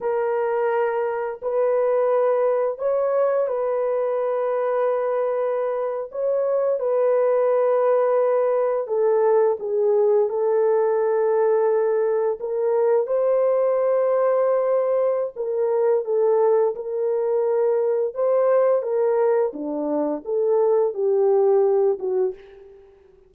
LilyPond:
\new Staff \with { instrumentName = "horn" } { \time 4/4 \tempo 4 = 86 ais'2 b'2 | cis''4 b'2.~ | b'8. cis''4 b'2~ b'16~ | b'8. a'4 gis'4 a'4~ a'16~ |
a'4.~ a'16 ais'4 c''4~ c''16~ | c''2 ais'4 a'4 | ais'2 c''4 ais'4 | d'4 a'4 g'4. fis'8 | }